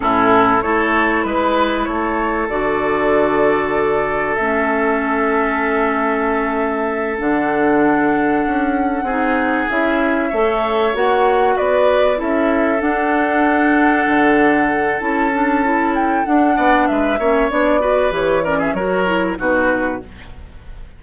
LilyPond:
<<
  \new Staff \with { instrumentName = "flute" } { \time 4/4 \tempo 4 = 96 a'4 cis''4 b'4 cis''4 | d''2. e''4~ | e''2.~ e''8 fis''8~ | fis''2.~ fis''8 e''8~ |
e''4. fis''4 d''4 e''8~ | e''8 fis''2.~ fis''8 | a''4. g''8 fis''4 e''4 | d''4 cis''8 d''16 e''16 cis''4 b'4 | }
  \new Staff \with { instrumentName = "oboe" } { \time 4/4 e'4 a'4 b'4 a'4~ | a'1~ | a'1~ | a'2~ a'8 gis'4.~ |
gis'8 cis''2 b'4 a'8~ | a'1~ | a'2~ a'8 d''8 b'8 cis''8~ | cis''8 b'4 ais'16 gis'16 ais'4 fis'4 | }
  \new Staff \with { instrumentName = "clarinet" } { \time 4/4 cis'4 e'2. | fis'2. cis'4~ | cis'2.~ cis'8 d'8~ | d'2~ d'8 dis'4 e'8~ |
e'8 a'4 fis'2 e'8~ | e'8 d'2.~ d'8 | e'8 d'8 e'4 d'4. cis'8 | d'8 fis'8 g'8 cis'8 fis'8 e'8 dis'4 | }
  \new Staff \with { instrumentName = "bassoon" } { \time 4/4 a,4 a4 gis4 a4 | d2. a4~ | a2.~ a8 d8~ | d4. cis'4 c'4 cis'8~ |
cis'8 a4 ais4 b4 cis'8~ | cis'8 d'2 d4. | cis'2 d'8 b8 gis8 ais8 | b4 e4 fis4 b,4 | }
>>